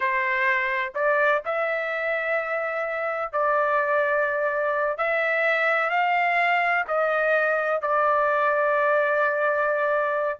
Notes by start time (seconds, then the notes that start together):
0.00 C5
0.94 D5
1.45 E5
3.32 D5
4.97 E5
5.90 F5
6.87 D#5
7.81 D5